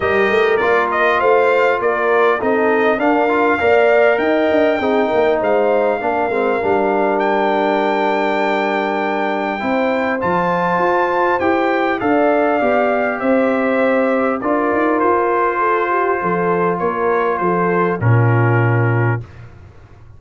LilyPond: <<
  \new Staff \with { instrumentName = "trumpet" } { \time 4/4 \tempo 4 = 100 dis''4 d''8 dis''8 f''4 d''4 | dis''4 f''2 g''4~ | g''4 f''2. | g''1~ |
g''4 a''2 g''4 | f''2 e''2 | d''4 c''2. | cis''4 c''4 ais'2 | }
  \new Staff \with { instrumentName = "horn" } { \time 4/4 ais'2 c''4 ais'4 | a'4 ais'4 d''4 dis''4 | gis'8 ais'8 c''4 ais'2~ | ais'1 |
c''1 | d''2 c''2 | ais'2 a'8 g'8 a'4 | ais'4 a'4 f'2 | }
  \new Staff \with { instrumentName = "trombone" } { \time 4/4 g'4 f'2. | dis'4 d'8 f'8 ais'2 | dis'2 d'8 c'8 d'4~ | d'1 |
e'4 f'2 g'4 | a'4 g'2. | f'1~ | f'2 cis'2 | }
  \new Staff \with { instrumentName = "tuba" } { \time 4/4 g8 a8 ais4 a4 ais4 | c'4 d'4 ais4 dis'8 d'8 | c'8 ais8 gis4 ais8 gis8 g4~ | g1 |
c'4 f4 f'4 e'4 | d'4 b4 c'2 | d'8 dis'8 f'2 f4 | ais4 f4 ais,2 | }
>>